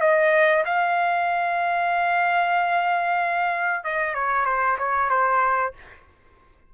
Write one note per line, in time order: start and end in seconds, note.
0.00 0.64 D#5
0.65 3.84 F5
3.84 4.14 D#5
4.14 4.45 C#5
4.45 4.77 C5
4.78 5.09 C#5
5.09 5.73 C5